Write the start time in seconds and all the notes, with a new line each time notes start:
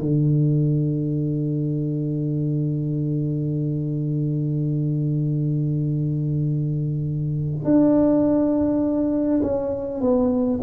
0.00 D3
7.64 D4
9.42 C#4
10.01 B3